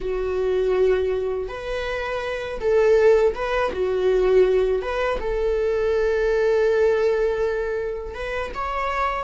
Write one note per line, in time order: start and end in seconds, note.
0.00 1.48 F#4
1.48 2.59 B4
2.60 3.34 A4
3.35 3.72 B4
3.72 4.82 F#4
4.82 5.19 B4
5.20 8.14 A4
8.14 8.51 B4
8.54 9.24 C#5